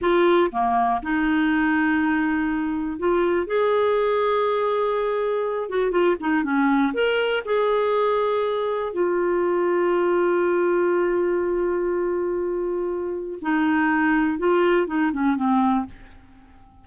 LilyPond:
\new Staff \with { instrumentName = "clarinet" } { \time 4/4 \tempo 4 = 121 f'4 ais4 dis'2~ | dis'2 f'4 gis'4~ | gis'2.~ gis'8 fis'8 | f'8 dis'8 cis'4 ais'4 gis'4~ |
gis'2 f'2~ | f'1~ | f'2. dis'4~ | dis'4 f'4 dis'8 cis'8 c'4 | }